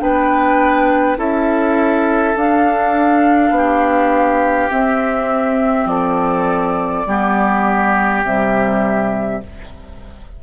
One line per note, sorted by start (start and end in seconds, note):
0.00 1.17 B3
0.00 1.17 D4
0.00 1.18 B4
0.00 1.18 G5
1.17 2.35 C#4
1.17 2.35 E4
1.17 3.54 A4
1.17 2.37 E5
2.36 3.51 D4
2.36 4.70 D4
2.36 4.71 F5
3.51 4.68 B3
3.57 5.90 G4
4.70 7.05 C4
4.70 5.86 C4
4.70 5.87 E5
5.86 7.04 F3
5.86 7.07 A4
5.86 8.23 D5
7.07 8.24 G3
7.07 8.25 B3
7.07 9.43 G4
8.24 9.42 C3
8.24 9.43 G3
8.24 9.43 E5